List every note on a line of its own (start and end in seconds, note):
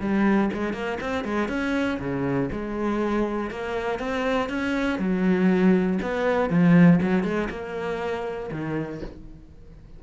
0.00 0.50 G3
0.53 0.73 G#3
0.73 0.98 A#3
1.00 1.24 C4
1.24 1.48 G#3
1.48 1.98 C#4
2.00 2.50 C#3
2.52 3.50 G#3
3.50 3.99 A#3
3.99 4.49 C4
4.49 4.99 C#4
4.99 5.99 F#3
6.02 6.50 B3
6.50 7.00 F3
7.02 7.23 F#3
7.23 7.48 G#3
7.50 8.50 A#3
8.52 9.02 D#3